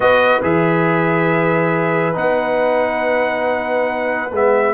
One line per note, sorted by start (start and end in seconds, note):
0.00 0.40 B3
0.00 0.42 F#4
0.00 4.74 B4
0.00 0.40 D#5
0.42 2.15 E3
0.42 2.13 G#4
0.42 2.16 E5
2.13 4.31 B3
2.13 4.29 D#4
2.13 4.32 F#5
4.31 4.74 G#3
4.31 4.74 B3
4.31 4.74 E5